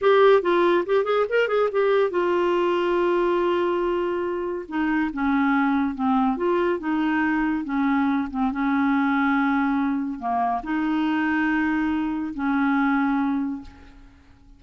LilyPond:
\new Staff \with { instrumentName = "clarinet" } { \time 4/4 \tempo 4 = 141 g'4 f'4 g'8 gis'8 ais'8 gis'8 | g'4 f'2.~ | f'2. dis'4 | cis'2 c'4 f'4 |
dis'2 cis'4. c'8 | cis'1 | ais4 dis'2.~ | dis'4 cis'2. | }